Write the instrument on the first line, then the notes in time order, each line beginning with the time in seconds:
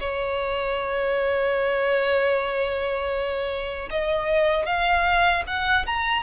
violin
0.00 C#5
3.90 D#5
4.66 F5
5.47 F#5
5.87 A#5